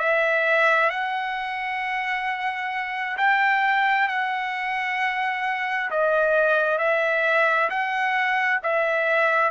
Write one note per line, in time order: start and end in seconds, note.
0.00 0.90 E5
0.90 3.17 F#5
3.18 4.09 G5
4.09 5.90 F#5
5.91 6.79 D#5
6.79 7.70 E5
7.70 8.61 F#5
8.64 9.52 E5